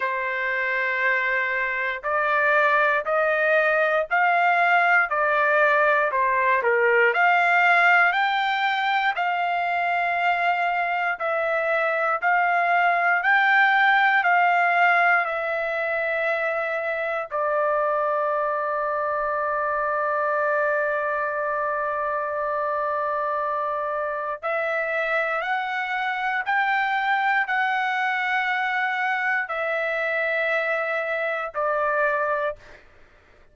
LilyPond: \new Staff \with { instrumentName = "trumpet" } { \time 4/4 \tempo 4 = 59 c''2 d''4 dis''4 | f''4 d''4 c''8 ais'8 f''4 | g''4 f''2 e''4 | f''4 g''4 f''4 e''4~ |
e''4 d''2.~ | d''1 | e''4 fis''4 g''4 fis''4~ | fis''4 e''2 d''4 | }